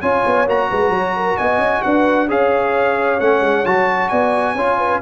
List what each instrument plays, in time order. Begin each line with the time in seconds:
0.00 tuba C#4, trombone F4, horn C#5, trumpet G#5
0.26 tuba B3
0.46 tuba A#3, trombone F#4, trumpet A#5
0.69 tuba G#3, horn B4
0.89 tuba F#3, horn C#5
1.15 horn A#4
1.37 tuba B3, horn D#5, trumpet G#5
1.57 tuba C#4
1.82 tuba D4, horn B4, trumpet F#5
2.27 tuba C#4, trombone G#4, horn C#5, trumpet F5
3.19 tuba A3, trombone C#4, trumpet F#5
3.41 tuba G#3
3.65 tuba F#3, trombone F#4, trumpet A5
4.09 tuba B3, horn D5, trumpet G#5
4.54 tuba C#4, trombone F4, horn C#5
4.77 horn B4